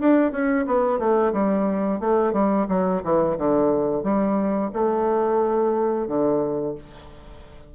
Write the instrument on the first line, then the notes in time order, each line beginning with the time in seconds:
bassoon
0.00 D4
0.32 C#4
0.66 B3
0.99 A3
1.33 G3
2.00 A3
2.33 G3
2.68 F#3
3.03 E3
3.37 D3
4.03 G3
4.73 A3
6.07 D3